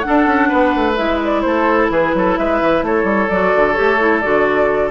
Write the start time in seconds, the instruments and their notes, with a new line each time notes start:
0.00 clarinet D4, oboe A4, flute F#5
0.08 bassoon D4
0.26 bassoon C#4
0.48 bassoon B3, oboe B4
0.75 bassoon A3
0.96 bassoon G#3, clarinet E4, flute E5
1.24 flute D5
1.41 bassoon A3, oboe A4, flute C5
1.89 bassoon E3, oboe G#4, flute B4
2.14 bassoon F#3, oboe A4
2.37 bassoon G#3, oboe B4, flute E5
2.61 bassoon E3
2.82 bassoon A3, oboe A4, flute C#5
3.04 bassoon G3
3.29 bassoon F#3, clarinet F#4, flute D5
3.55 bassoon D3
3.73 clarinet G4, flute C#5
3.79 bassoon A3
3.99 clarinet E4
4.20 bassoon D3, clarinet F#4, flute D5